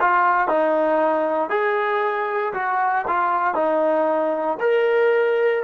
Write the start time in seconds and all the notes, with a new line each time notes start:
0.00 F4
0.48 D#4
1.50 G#4
2.53 F#4
3.08 F4
3.54 D#4
4.60 A#4